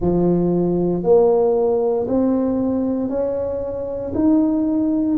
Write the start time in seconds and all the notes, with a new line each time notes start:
0.00 F3
1.03 A#3
2.07 C4
3.08 C#4
4.14 D#4